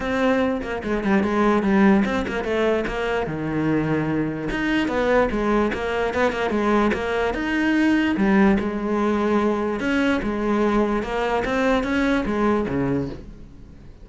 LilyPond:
\new Staff \with { instrumentName = "cello" } { \time 4/4 \tempo 4 = 147 c'4. ais8 gis8 g8 gis4 | g4 c'8 ais8 a4 ais4 | dis2. dis'4 | b4 gis4 ais4 b8 ais8 |
gis4 ais4 dis'2 | g4 gis2. | cis'4 gis2 ais4 | c'4 cis'4 gis4 cis4 | }